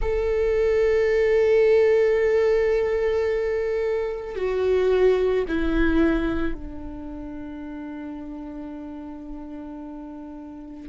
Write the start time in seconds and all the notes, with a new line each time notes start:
0.01 A4
4.35 F#4
5.48 E4
6.54 D4